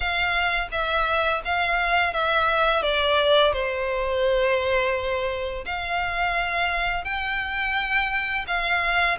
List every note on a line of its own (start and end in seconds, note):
0.00 0.68 F5
0.71 1.42 E5
1.44 2.13 F5
2.13 2.82 E5
2.82 3.53 D5
3.53 5.64 C5
5.65 7.04 F5
7.04 8.45 G5
8.47 9.17 F5